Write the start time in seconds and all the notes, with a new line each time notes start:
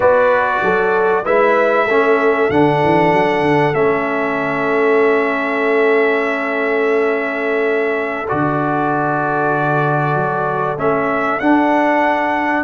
0.00 B3 F#4 B4 D5
0.62 F#3 A4
1.24 G#3 E4 B4 E5
1.85 A3 C#4 A4
2.49 D3 D4 F#5
2.83 E3
3.12 F#3
3.41 D3
3.73 A3 C#4 E5
8.28 D3 F#4 D5
10.14 F#3
10.77 A3 C#4 E5
11.39 D4 F#5